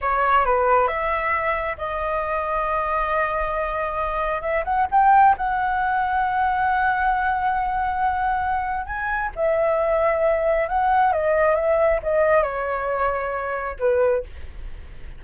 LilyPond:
\new Staff \with { instrumentName = "flute" } { \time 4/4 \tempo 4 = 135 cis''4 b'4 e''2 | dis''1~ | dis''2 e''8 fis''8 g''4 | fis''1~ |
fis''1 | gis''4 e''2. | fis''4 dis''4 e''4 dis''4 | cis''2. b'4 | }